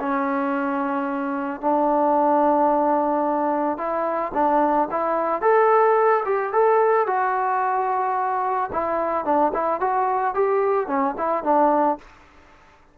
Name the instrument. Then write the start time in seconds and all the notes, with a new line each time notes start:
trombone
0.00 C#4
1.61 D4
3.78 E4
4.34 D4
4.91 E4
5.42 A4
6.26 G4
6.53 A4
7.07 F#4
8.72 E4
9.25 D4
9.54 E4
9.81 F#4
10.34 G4
10.88 C#4
11.18 E4
11.44 D4